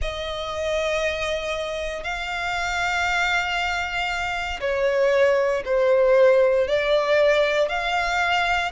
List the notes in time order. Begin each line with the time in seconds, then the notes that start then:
0.01 D#5
2.03 F5
4.60 C#5
5.65 C5
6.67 D5
7.69 F5